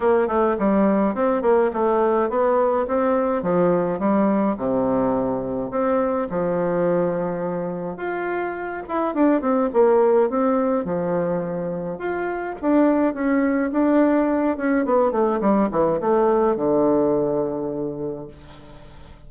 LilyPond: \new Staff \with { instrumentName = "bassoon" } { \time 4/4 \tempo 4 = 105 ais8 a8 g4 c'8 ais8 a4 | b4 c'4 f4 g4 | c2 c'4 f4~ | f2 f'4. e'8 |
d'8 c'8 ais4 c'4 f4~ | f4 f'4 d'4 cis'4 | d'4. cis'8 b8 a8 g8 e8 | a4 d2. | }